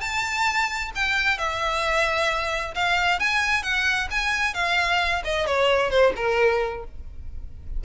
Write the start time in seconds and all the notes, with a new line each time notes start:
0.00 A5
0.95 G5
1.38 E5
2.74 F5
3.19 G#5
3.62 F#5
4.11 G#5
4.54 F5
5.24 D#5
5.46 C#5
5.90 C5
6.16 A#4